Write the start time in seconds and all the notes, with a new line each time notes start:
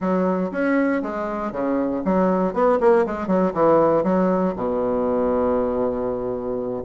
0.00 F#3
0.51 C#4
1.02 G#3
1.51 C#3
2.04 F#3
2.53 B3
2.80 A#3
3.05 G#3
3.27 F#3
3.53 E3
4.03 F#3
4.56 B2